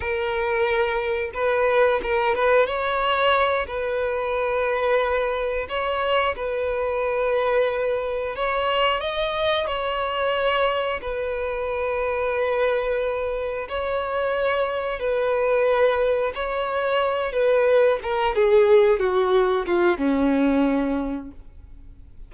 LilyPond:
\new Staff \with { instrumentName = "violin" } { \time 4/4 \tempo 4 = 90 ais'2 b'4 ais'8 b'8 | cis''4. b'2~ b'8~ | b'8 cis''4 b'2~ b'8~ | b'8 cis''4 dis''4 cis''4.~ |
cis''8 b'2.~ b'8~ | b'8 cis''2 b'4.~ | b'8 cis''4. b'4 ais'8 gis'8~ | gis'8 fis'4 f'8 cis'2 | }